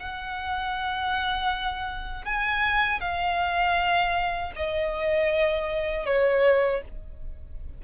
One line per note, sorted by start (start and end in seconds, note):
0.00 2.25 F#5
2.25 3.01 G#5
3.01 4.53 F5
4.56 6.06 D#5
6.06 6.82 C#5